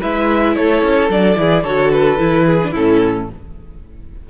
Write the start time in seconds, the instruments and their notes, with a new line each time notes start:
0.00 cello G#3, viola E4, violin B4 E5
0.56 cello A3, violin A4 C#5
0.82 cello C#4
1.09 cello F#3, viola D4, violin D5
1.35 cello E3, viola E4, violin G#4
1.63 cello D3, viola F#4, violin A4 C#5
1.91 violin B4
2.18 cello E3, viola E4
2.46 violin G#4
2.63 viola D4
2.71 cello A2, viola C#4, violin E4 A4